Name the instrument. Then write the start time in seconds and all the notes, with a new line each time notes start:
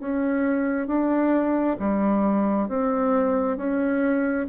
bassoon
0.00 C#4
0.88 D4
1.80 G3
2.69 C4
3.57 C#4